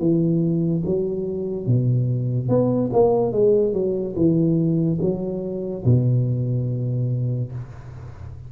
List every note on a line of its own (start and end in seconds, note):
0.00 0.83 E3
0.86 1.67 F#3
1.67 2.49 B2
2.49 2.91 B3
2.93 3.33 A#3
3.33 3.73 G#3
3.73 4.15 F#3
4.16 5.00 E3
5.01 5.84 F#3
5.85 7.52 B2